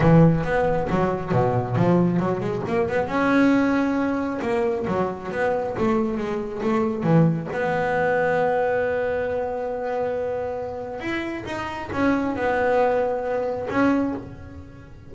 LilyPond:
\new Staff \with { instrumentName = "double bass" } { \time 4/4 \tempo 4 = 136 e4 b4 fis4 b,4 | f4 fis8 gis8 ais8 b8 cis'4~ | cis'2 ais4 fis4 | b4 a4 gis4 a4 |
e4 b2.~ | b1~ | b4 e'4 dis'4 cis'4 | b2. cis'4 | }